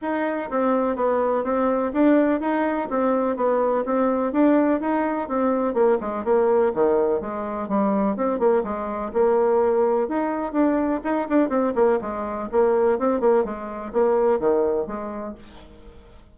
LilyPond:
\new Staff \with { instrumentName = "bassoon" } { \time 4/4 \tempo 4 = 125 dis'4 c'4 b4 c'4 | d'4 dis'4 c'4 b4 | c'4 d'4 dis'4 c'4 | ais8 gis8 ais4 dis4 gis4 |
g4 c'8 ais8 gis4 ais4~ | ais4 dis'4 d'4 dis'8 d'8 | c'8 ais8 gis4 ais4 c'8 ais8 | gis4 ais4 dis4 gis4 | }